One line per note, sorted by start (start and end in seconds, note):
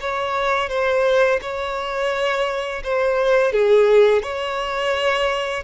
0.00 0.69 C#5
0.69 1.39 C5
1.41 2.82 C#5
2.83 3.52 C5
3.52 4.22 G#4
4.22 5.63 C#5